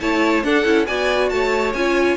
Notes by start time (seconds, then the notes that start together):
0.00 A3 E4 C#5 A5
0.43 D4 A4 F#5
0.64 C#4 E4
0.86 B3 F#4 D5 G#5
1.29 A3 C#5 A5
1.74 C#4 F4 G#5